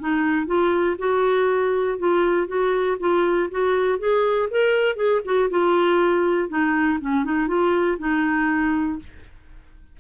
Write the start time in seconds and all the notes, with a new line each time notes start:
0.00 D#4
0.47 F4
0.99 F#4
1.99 F4
2.48 F#4
3.00 F4
3.51 F#4
3.99 G#4
4.51 A#4
4.96 G#4
5.25 F#4
5.51 F4
6.49 D#4
7.01 C#4
7.25 D#4
7.48 F4
7.99 D#4